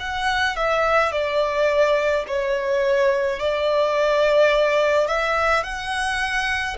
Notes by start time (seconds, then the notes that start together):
0.00 F#5
0.57 E5
1.12 D5
2.27 C#5
3.40 D5
5.07 E5
5.63 F#5